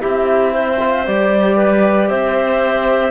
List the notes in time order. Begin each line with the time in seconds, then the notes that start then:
0.00 C4 E4 G4 E5
0.52 C5
0.80 F4
1.07 G3 G4 D5
1.56 B4
2.08 C4 C5 E5